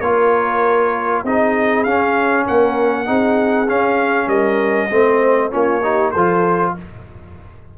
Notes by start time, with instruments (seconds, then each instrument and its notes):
0.00 tuba A#3, trombone F4, horn A#4, trumpet C#5
1.24 tuba C4, trombone D#4, horn G#4, trumpet D#5
1.84 tuba C#4, trombone C#4, trumpet F5
2.46 tuba A#3, horn A#4, trumpet F#5
3.06 tuba C4, trombone D#4, horn G#4
3.68 trombone C#4, tuba C#4, trumpet F5
4.27 tuba G3, horn A#4, trumpet D#5
4.90 tuba A3, trombone C4, horn C5
5.51 tuba A#3, trombone C#4, horn F4, trumpet C#5
5.83 trombone D#4, horn G4
6.11 tuba F3, trombone F4, horn A4, trumpet C5